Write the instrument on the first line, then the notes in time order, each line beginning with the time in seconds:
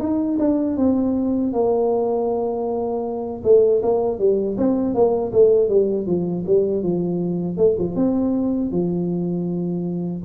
tuba
0.00 D#4
0.39 D4
0.77 C4
1.53 A#3
3.44 A3
3.83 A#3
4.19 G3
4.58 C4
4.95 A#3
5.33 A3
5.69 G3
6.07 F3
6.47 G3
6.84 F3
7.58 A3
7.79 F3
7.96 C4
8.72 F3